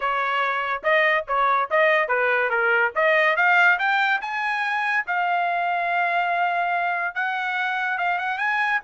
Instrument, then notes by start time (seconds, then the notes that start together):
trumpet
0.00 C#5
0.83 D#5
1.27 C#5
1.70 D#5
2.08 B4
2.50 A#4
2.95 D#5
3.36 F5
3.78 G5
4.21 G#5
5.07 F5
7.14 F#5
7.98 F5
8.18 F#5
8.38 G#5